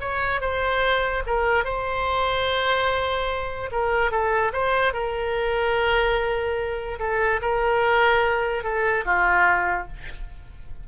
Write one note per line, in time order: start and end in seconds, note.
0.00 0.40 C#5
0.40 1.23 C5
1.26 1.64 A#4
1.64 3.70 C5
3.71 4.11 A#4
4.11 4.52 A4
4.52 4.93 C5
4.93 6.99 A#4
6.99 7.40 A4
7.42 8.63 A#4
8.63 9.04 A4
9.05 9.87 F4